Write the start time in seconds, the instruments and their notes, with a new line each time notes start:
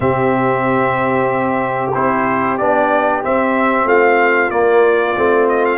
0.00 tuba C3, trombone C4, horn G4, trumpet E5
1.93 tuba C4, trombone E4, trumpet C5
2.57 tuba B3, trombone D4, trumpet D5
3.23 trombone C4, tuba C4, trumpet E5
3.85 tuba A3, horn F4, trumpet F5
4.50 tuba A#3, trombone A#3, trumpet D5
5.16 tuba A3, trombone C4
5.49 trumpet D#5
5.65 trumpet F5